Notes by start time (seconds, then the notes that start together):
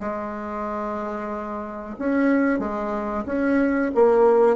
0.00 G#3
1.99 C#4
2.59 G#3
3.26 C#4
3.95 A#3